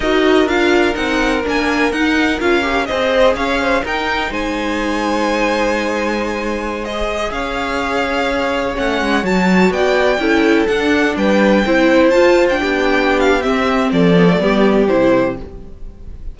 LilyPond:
<<
  \new Staff \with { instrumentName = "violin" } { \time 4/4 \tempo 4 = 125 dis''4 f''4 fis''4 gis''4 | fis''4 f''4 dis''4 f''4 | g''4 gis''2.~ | gis''2~ gis''16 dis''4 f''8.~ |
f''2~ f''16 fis''4 a''8.~ | a''16 g''2 fis''4 g''8.~ | g''4~ g''16 a''8. g''4. f''8 | e''4 d''2 c''4 | }
  \new Staff \with { instrumentName = "violin" } { \time 4/4 ais'1~ | ais'2 c''4 cis''8 c''8 | ais'4 c''2.~ | c''2.~ c''16 cis''8.~ |
cis''1~ | cis''16 d''4 a'2 b'8.~ | b'16 c''2 g'4.~ g'16~ | g'4 a'4 g'2 | }
  \new Staff \with { instrumentName = "viola" } { \time 4/4 fis'4 f'4 dis'4 d'4 | dis'4 f'8 g'8 gis'2 | dis'1~ | dis'2~ dis'16 gis'4.~ gis'16~ |
gis'2~ gis'16 cis'4 fis'8.~ | fis'4~ fis'16 e'4 d'4.~ d'16~ | d'16 e'4 f'8. d'2 | c'4. b16 a16 b4 e'4 | }
  \new Staff \with { instrumentName = "cello" } { \time 4/4 dis'4 d'4 c'4 ais4 | dis'4 cis'4 c'4 cis'4 | dis'4 gis2.~ | gis2.~ gis16 cis'8.~ |
cis'2~ cis'16 a8 gis8 fis8.~ | fis16 b4 cis'4 d'4 g8.~ | g16 c'4 f'4 b4.~ b16 | c'4 f4 g4 c4 | }
>>